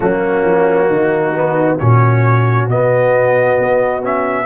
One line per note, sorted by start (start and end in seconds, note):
0.00 0.43 F#3
0.00 1.33 A#3
0.00 0.87 C#4
0.00 1.78 F#4
0.43 0.88 F3
0.87 1.80 D#3
0.87 1.76 D#4
1.35 1.79 B3
1.77 2.68 A#2
1.77 2.69 C#4
1.77 4.45 F#4
1.77 2.68 C#5
2.68 3.57 B2
2.68 4.02 B3
2.68 4.04 D#5
3.59 4.45 B3
4.02 4.45 C#4
4.02 4.45 E5